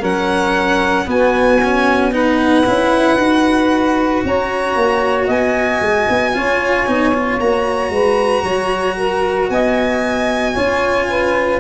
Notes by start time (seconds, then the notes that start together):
0.00 F#3 C#4 A#4 F#5
1.06 B3 F#4 G#5
1.64 C#4
2.12 D#4 B4 F#5
2.66 C#4 E4
3.17 D#4 F#4
4.25 C#4 C#5 A#5
4.76 A#3
5.27 B3 D#5 G#5
5.81 G#3
6.10 B3
6.34 C#4 F4 C#5
6.87 B3 D#4
7.14 F4
7.40 A#3 F#4 A#5
7.90 G#3 B4
8.43 F#3 C#5
8.97 A#4
9.50 B3 D#5 G#5
10.53 C#4 F4 C#5
11.09 B4